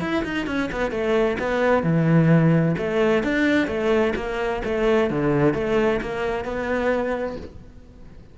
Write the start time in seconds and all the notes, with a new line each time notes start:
0.00 E4
0.24 D#4
0.47 C#4
0.72 B3
0.91 A3
1.39 B3
1.83 E3
2.78 A3
3.23 D4
3.67 A3
4.16 A#3
4.64 A3
5.10 D3
5.54 A3
6.01 A#3
6.44 B3